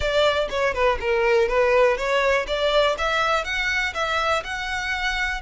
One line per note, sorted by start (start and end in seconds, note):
0.00 0.48 D5
0.49 0.74 C#5
0.74 0.98 B4
1.00 1.48 A#4
1.48 1.97 B4
1.97 2.46 C#5
2.47 2.96 D5
2.98 3.44 E5
3.44 3.93 F#5
3.94 4.43 E5
4.44 5.41 F#5